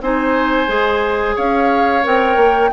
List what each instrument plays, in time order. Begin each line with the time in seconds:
0.00 bassoon C4, clarinet D#4, oboe C5, flute G#5
0.67 bassoon G#3, clarinet G#4
1.35 bassoon C#4, oboe C#5, flute F5
2.03 bassoon C4, clarinet A#4, flute G5
2.36 bassoon A#3